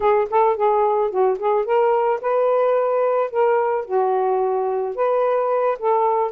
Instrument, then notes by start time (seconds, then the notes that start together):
saxophone
0.00 G#4
0.30 A4
0.56 G#4
1.10 F#4
1.38 G#4
1.65 A#4
2.21 B4
3.30 A#4
3.85 F#4
4.95 B4
5.78 A4